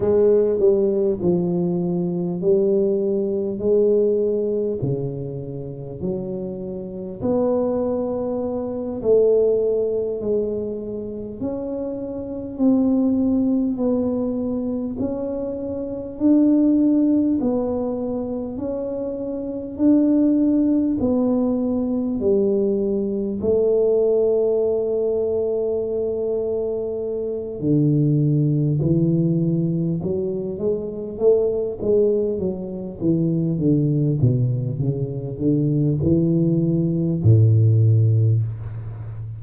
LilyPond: \new Staff \with { instrumentName = "tuba" } { \time 4/4 \tempo 4 = 50 gis8 g8 f4 g4 gis4 | cis4 fis4 b4. a8~ | a8 gis4 cis'4 c'4 b8~ | b8 cis'4 d'4 b4 cis'8~ |
cis'8 d'4 b4 g4 a8~ | a2. d4 | e4 fis8 gis8 a8 gis8 fis8 e8 | d8 b,8 cis8 d8 e4 a,4 | }